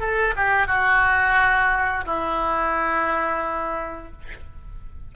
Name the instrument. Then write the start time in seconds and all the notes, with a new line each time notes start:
oboe
0.00 A4
0.37 G4
0.67 F#4
2.06 E4